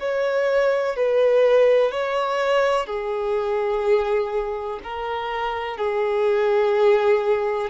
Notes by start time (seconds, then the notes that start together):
0.00 C#5
0.96 B4
1.91 C#5
2.86 G#4
4.83 A#4
5.78 G#4